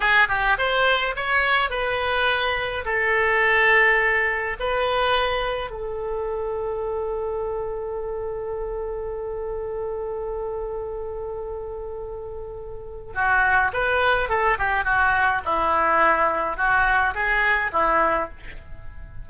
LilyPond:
\new Staff \with { instrumentName = "oboe" } { \time 4/4 \tempo 4 = 105 gis'8 g'8 c''4 cis''4 b'4~ | b'4 a'2. | b'2 a'2~ | a'1~ |
a'1~ | a'2. fis'4 | b'4 a'8 g'8 fis'4 e'4~ | e'4 fis'4 gis'4 e'4 | }